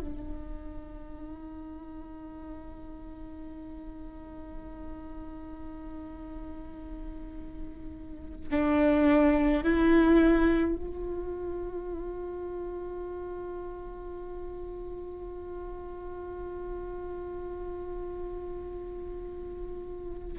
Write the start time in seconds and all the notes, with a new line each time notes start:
0.00 D#4
8.51 D4
9.64 E4
10.76 F4